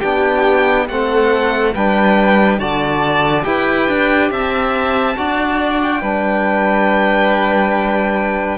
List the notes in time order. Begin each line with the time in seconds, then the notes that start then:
0.00 B3 D4 G4 G5
0.89 A3 C4 A4 F#5
1.75 G3 D4 B4 G5
2.59 D3 F#4 D5 A5
3.43 E4 G4 B4 G5
3.89 D4
4.31 C4 E5 A5
5.17 D4 F#4 D5
5.82 G5
6.02 G3 D4 B4